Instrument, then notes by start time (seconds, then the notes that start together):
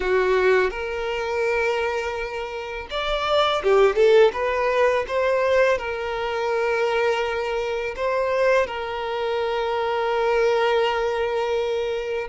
violin
0.00 F#4
0.70 A#4
2.90 D5
3.63 G4
3.95 A4
4.32 B4
5.07 C5
5.78 A#4
7.96 C5
8.66 A#4